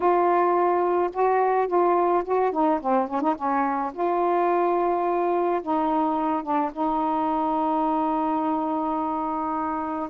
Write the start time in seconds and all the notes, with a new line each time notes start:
0.00 F4
1.13 F#4
1.67 F4
2.24 F#4
2.52 D#4
2.81 C4
3.07 C#4
3.21 D#4
3.35 C#4
3.93 F4
5.62 D#4
6.42 D4
6.72 D#4